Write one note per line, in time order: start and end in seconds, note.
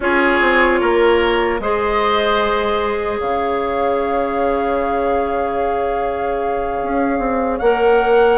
0.00 0.40 C#4
0.00 1.61 F4
0.00 0.80 G#4
0.00 1.60 C#5
0.40 0.80 C4
0.80 1.59 A#3
0.80 1.60 A#4
1.59 3.19 G#3
1.59 7.61 G#4
1.59 3.19 C5
1.59 3.20 D#5
3.19 6.81 C#3
3.19 8.37 C#5
3.19 7.58 F5
6.82 7.18 C#4
7.18 7.58 C4
7.58 8.37 A#3
7.58 8.37 A#4
7.58 8.37 F#5